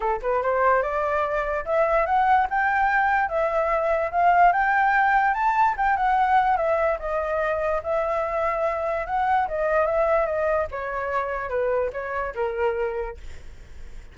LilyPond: \new Staff \with { instrumentName = "flute" } { \time 4/4 \tempo 4 = 146 a'8 b'8 c''4 d''2 | e''4 fis''4 g''2 | e''2 f''4 g''4~ | g''4 a''4 g''8 fis''4. |
e''4 dis''2 e''4~ | e''2 fis''4 dis''4 | e''4 dis''4 cis''2 | b'4 cis''4 ais'2 | }